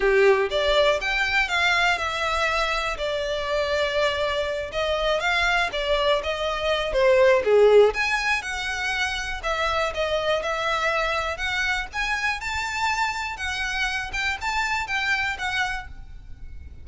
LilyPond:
\new Staff \with { instrumentName = "violin" } { \time 4/4 \tempo 4 = 121 g'4 d''4 g''4 f''4 | e''2 d''2~ | d''4. dis''4 f''4 d''8~ | d''8 dis''4. c''4 gis'4 |
gis''4 fis''2 e''4 | dis''4 e''2 fis''4 | gis''4 a''2 fis''4~ | fis''8 g''8 a''4 g''4 fis''4 | }